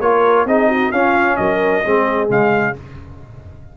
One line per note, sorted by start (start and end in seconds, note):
0.00 0.45 A#3
0.00 0.47 F4
0.00 0.48 A#4
0.00 0.46 C#5
0.45 0.91 C4
0.45 0.93 D#4
0.45 0.69 G#4
0.45 0.92 D#5
0.69 0.92 F#4
0.92 1.38 C#4
0.92 1.85 C#4
0.92 1.38 F4
0.92 1.37 F5
1.37 1.84 F#3
1.37 1.85 A#4
1.37 2.28 D#5
1.85 2.30 G#3
1.85 2.28 C4
1.85 2.77 G#4
2.28 2.75 C#3
2.28 2.74 G#3
2.28 2.77 F5